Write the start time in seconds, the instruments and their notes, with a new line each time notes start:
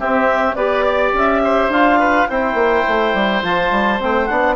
0.00 bassoon C4, trombone C4, oboe G4, clarinet E5
0.56 bassoon B3, trombone G4, oboe B4, clarinet D5
0.85 oboe D5
1.13 bassoon C#4, clarinet E5
1.44 oboe C5
1.69 bassoon D4, trombone F4, clarinet F5
2.00 oboe B4
2.29 bassoon C4, trombone E4, oboe C5, clarinet G5
2.55 bassoon A#3
2.88 bassoon A3
3.14 bassoon G3
3.43 bassoon F3, trombone F4, clarinet A5
3.72 bassoon G3
4.00 bassoon A3, trombone C4, clarinet G5
4.26 bassoon B3, trombone D4, clarinet F#5